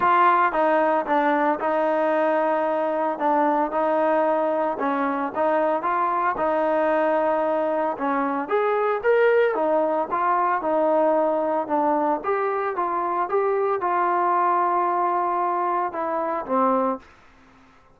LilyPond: \new Staff \with { instrumentName = "trombone" } { \time 4/4 \tempo 4 = 113 f'4 dis'4 d'4 dis'4~ | dis'2 d'4 dis'4~ | dis'4 cis'4 dis'4 f'4 | dis'2. cis'4 |
gis'4 ais'4 dis'4 f'4 | dis'2 d'4 g'4 | f'4 g'4 f'2~ | f'2 e'4 c'4 | }